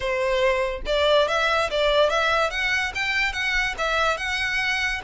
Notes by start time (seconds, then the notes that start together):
0.00 C5
0.86 D5
1.28 E5
1.70 D5
2.09 E5
2.50 F#5
2.94 G5
3.32 F#5
3.78 E5
4.17 F#5